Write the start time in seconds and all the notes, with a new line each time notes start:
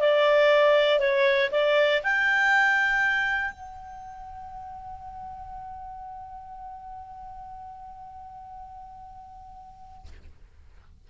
0.00 D5
1.00 C#5
1.52 D5
2.04 G5
3.52 F#5